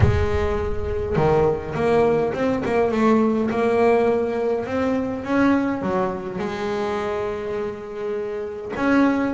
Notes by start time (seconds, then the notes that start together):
0.00 G#3
1.16 D#3
1.74 A#3
2.33 C4
2.65 A#3
2.91 A3
3.50 A#3
4.66 C4
5.23 C#4
5.81 F#3
6.39 G#3
8.76 C#4